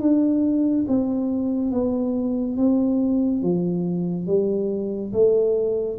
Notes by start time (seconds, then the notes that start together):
0.00 D4
0.88 C4
1.71 B3
2.57 C4
3.42 F3
4.27 G3
5.13 A3